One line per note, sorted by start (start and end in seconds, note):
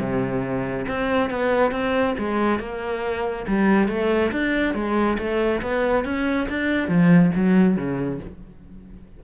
0.00 0.86 C3
0.88 1.30 C4
1.30 1.71 B3
1.71 2.14 C4
2.18 2.59 G#3
2.59 3.46 A#3
3.47 3.88 G3
3.88 4.31 A3
4.32 4.74 D4
4.74 5.17 G#3
5.18 5.62 A3
5.62 6.05 B3
6.05 6.48 C#4
6.49 6.88 D4
6.88 7.31 F3
7.35 7.77 F#3
7.77 8.20 C#3